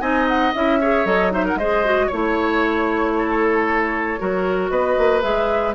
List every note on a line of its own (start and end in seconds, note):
0.00 0.52 C4
0.00 0.52 D#4
0.00 0.79 D#5
0.00 0.27 G#5
0.27 0.53 F#5
0.54 1.05 C#4
0.54 0.81 E4
0.54 1.06 E5
0.80 1.05 G#4
0.80 1.32 C#5
1.05 1.55 F#3
1.05 1.31 A4
1.05 1.32 D#5
1.31 1.57 D#4
1.31 1.45 C5
1.31 1.46 E5
1.45 1.58 A#4
1.45 1.58 F#5
1.55 2.07 G#3
1.55 1.84 G#4
1.55 2.06 C5
1.55 2.08 D#5
1.84 2.10 F#4
2.06 4.20 A3
2.06 4.18 E4
2.06 3.11 C#5
2.06 4.69 C#5
3.18 4.20 A4
4.18 4.70 F#3
4.18 5.21 F#4
4.18 4.71 A#4
4.69 4.96 B3
4.69 5.74 B4
4.69 5.21 D#5
4.98 5.23 A#3
5.21 5.74 G#3
5.21 5.73 G#4
5.21 5.74 E5